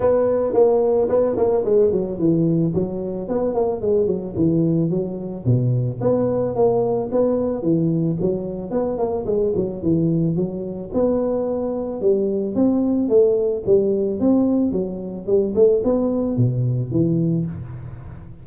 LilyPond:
\new Staff \with { instrumentName = "tuba" } { \time 4/4 \tempo 4 = 110 b4 ais4 b8 ais8 gis8 fis8 | e4 fis4 b8 ais8 gis8 fis8 | e4 fis4 b,4 b4 | ais4 b4 e4 fis4 |
b8 ais8 gis8 fis8 e4 fis4 | b2 g4 c'4 | a4 g4 c'4 fis4 | g8 a8 b4 b,4 e4 | }